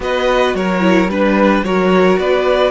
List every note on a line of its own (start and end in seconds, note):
0.00 0.54 B3
0.00 0.80 F#4
0.00 0.56 B4
0.00 0.55 D#5
0.54 1.08 F#3
0.54 1.10 A#4
0.54 1.10 C#5
0.80 1.07 E4
1.08 1.62 G3
1.08 1.65 D4
1.08 1.65 B4
1.08 1.64 B4
1.63 2.17 F#3
1.63 2.71 F#4
1.63 2.19 A#4
1.63 2.18 C#5
2.18 2.71 B3
2.18 2.71 B4
2.18 2.71 D5